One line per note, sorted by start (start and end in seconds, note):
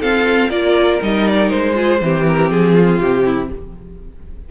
0.00 0.51 C4
0.00 0.50 F4
0.00 0.49 A4
0.00 0.51 F5
0.49 1.00 A#3
0.49 1.01 F4
0.49 1.74 A#4
0.49 1.01 D5
1.02 1.52 G3
1.02 1.75 D#4
1.02 1.28 D#5
1.28 1.50 D5
1.50 2.02 G#3
1.50 2.25 C5
1.75 2.00 F4
1.75 2.02 G#4
2.02 2.51 E3
2.02 3.52 C4
2.02 2.74 G4
2.28 2.51 A#4
2.51 3.00 F3
2.51 3.00 G#4
2.74 3.24 F4
3.00 3.50 C3
3.00 3.50 G4
3.25 3.50 E4